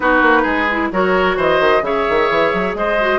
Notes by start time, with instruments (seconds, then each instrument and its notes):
0.00 bassoon B3, clarinet D#4, oboe F#4, flute B4
0.21 bassoon A#3
0.42 bassoon G#3, oboe G#4
0.71 clarinet E4
0.92 bassoon F#3, clarinet F#4, oboe A#4, flute C#5
1.36 bassoon E3, oboe C5, flute D#5
1.59 bassoon D#3
1.81 bassoon C#3, clarinet G#4, oboe C#5, flute E5
2.09 bassoon D#3
2.29 bassoon E3
2.53 bassoon F#3
2.74 bassoon G#3, oboe C5, flute D#5
3.00 clarinet F#4